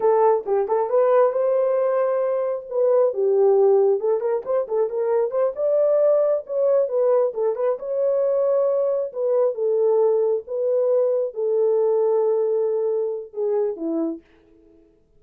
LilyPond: \new Staff \with { instrumentName = "horn" } { \time 4/4 \tempo 4 = 135 a'4 g'8 a'8 b'4 c''4~ | c''2 b'4 g'4~ | g'4 a'8 ais'8 c''8 a'8 ais'4 | c''8 d''2 cis''4 b'8~ |
b'8 a'8 b'8 cis''2~ cis''8~ | cis''8 b'4 a'2 b'8~ | b'4. a'2~ a'8~ | a'2 gis'4 e'4 | }